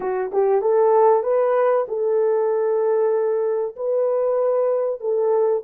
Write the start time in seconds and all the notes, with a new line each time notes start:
0.00 F#4
0.32 G4
0.61 A4
1.23 B4
1.88 A4
3.76 B4
5.00 A4